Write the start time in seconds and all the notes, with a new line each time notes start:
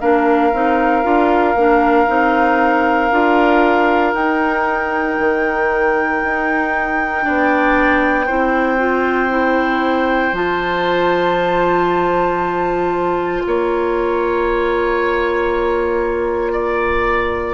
0.00 A#3 D4 A#4 F5
0.53 C4 D#4
1.03 D4 F4
1.55 A#3 D4
2.07 C4 D#4
3.11 D4 F4
4.14 D#4 G5
5.19 D#3
6.23 D#4
7.22 B3 D4 D5
8.25 C4 E4 C5
8.78 F4
9.29 E4
10.32 F3 F4 A5
13.43 A#3 C#5 A#5
16.52 D5